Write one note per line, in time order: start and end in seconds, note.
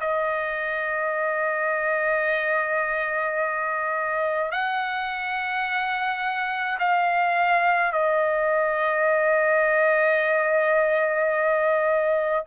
0.00 4.52 D#5
4.52 6.78 F#5
6.79 7.92 F5
7.92 12.45 D#5